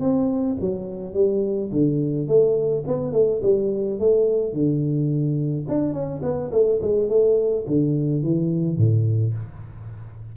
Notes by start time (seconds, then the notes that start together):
0.00 C4
0.60 F#3
1.13 G3
1.72 D3
2.27 A3
2.87 B3
3.12 A3
3.42 G3
3.99 A3
4.53 D3
5.68 D4
5.93 C#4
6.22 B3
6.51 A3
6.82 G#3
7.09 A3
7.67 D3
8.23 E3
8.77 A2